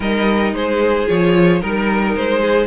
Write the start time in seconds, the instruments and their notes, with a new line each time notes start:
0.00 cello G3, viola D#4, violin A#4 D#5
0.53 cello G#3, violin G#4 C5
1.07 cello F3, viola F4, violin C#5
1.60 cello G3, viola D#4, violin A#4
2.15 cello G#3, violin C5
2.41 violin G#4